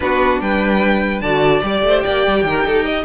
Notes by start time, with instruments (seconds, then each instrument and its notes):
0.00 cello B3, viola D4, violin F#4 B4
0.40 cello G3, violin B4 G5
1.20 cello D3, viola F#4, violin D5 A5
1.63 cello G3, viola G4, violin D5
1.82 cello A3, violin C5
2.00 cello A#3, violin D5 G5
2.26 cello G3
2.43 cello D#3, violin A#4
2.64 cello D#4, violin A4
2.85 violin D#5